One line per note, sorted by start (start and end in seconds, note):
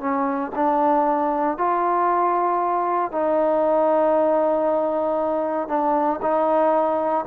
0.00 0.52 C#4
0.55 1.58 D4
1.58 3.12 F4
3.12 5.68 D#4
5.68 6.20 D4
6.22 7.26 D#4